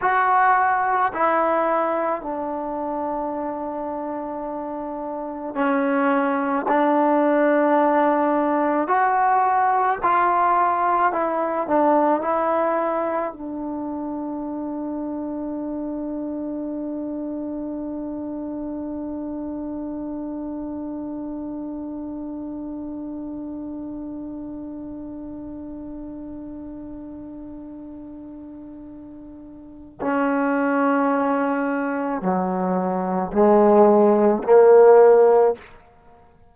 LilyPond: \new Staff \with { instrumentName = "trombone" } { \time 4/4 \tempo 4 = 54 fis'4 e'4 d'2~ | d'4 cis'4 d'2 | fis'4 f'4 e'8 d'8 e'4 | d'1~ |
d'1~ | d'1~ | d'2. cis'4~ | cis'4 fis4 gis4 ais4 | }